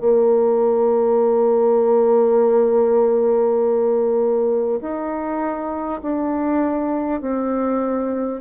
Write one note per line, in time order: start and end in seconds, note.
0.00 4.80 A#3
4.80 6.00 D#4
6.02 7.21 D4
7.21 8.41 C4